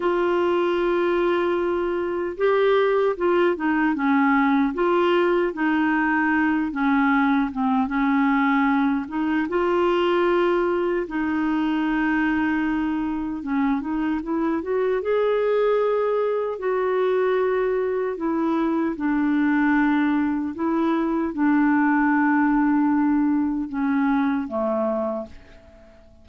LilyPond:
\new Staff \with { instrumentName = "clarinet" } { \time 4/4 \tempo 4 = 76 f'2. g'4 | f'8 dis'8 cis'4 f'4 dis'4~ | dis'8 cis'4 c'8 cis'4. dis'8 | f'2 dis'2~ |
dis'4 cis'8 dis'8 e'8 fis'8 gis'4~ | gis'4 fis'2 e'4 | d'2 e'4 d'4~ | d'2 cis'4 a4 | }